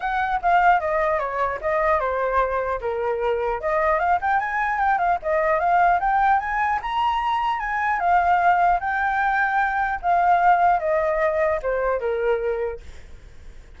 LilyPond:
\new Staff \with { instrumentName = "flute" } { \time 4/4 \tempo 4 = 150 fis''4 f''4 dis''4 cis''4 | dis''4 c''2 ais'4~ | ais'4 dis''4 f''8 g''8 gis''4 | g''8 f''8 dis''4 f''4 g''4 |
gis''4 ais''2 gis''4 | f''2 g''2~ | g''4 f''2 dis''4~ | dis''4 c''4 ais'2 | }